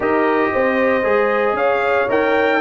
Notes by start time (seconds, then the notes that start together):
0.00 D#4 G4 A#4 D#5
0.52 C4 C5
1.03 G#3 G#4
1.53 C#4 C#5 F5
2.08 D#4 A#4 G5